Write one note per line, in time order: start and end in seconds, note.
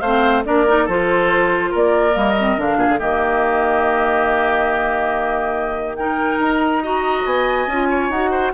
0.00 0.44 A3
0.00 0.44 C4
0.00 0.43 C5
0.00 0.43 F5
0.44 0.87 A#3
0.44 0.66 D4
0.44 0.85 A#4
0.44 0.88 D5
0.67 0.88 D#4
0.85 1.73 F3
0.85 2.12 F4
0.85 1.70 A4
0.85 1.73 C5
1.71 2.16 A#3
1.71 2.77 A#4
1.71 2.18 D5
2.12 2.57 G3
2.12 2.33 A#3
2.18 2.60 D#5
2.39 2.57 C4
2.57 2.76 D3
2.57 2.99 D4
2.57 2.99 F5
2.76 2.87 A#2
2.76 2.99 G#4
2.89 2.99 D3
2.99 6.39 D#3
2.99 5.97 A#3
2.99 5.96 G4
2.99 5.96 D#5
5.96 6.83 D#4
5.96 6.82 A#4
5.96 6.39 G5
6.39 7.24 D#4
6.39 7.26 A#5
6.82 7.68 F#4
6.82 7.89 D#5
7.25 7.66 B3
7.25 8.10 G#5
7.66 8.09 C#4
7.66 8.12 F4
7.89 8.30 C#5
8.09 8.51 D#4
8.09 8.53 F#4
8.09 8.53 F#5
8.30 8.52 C5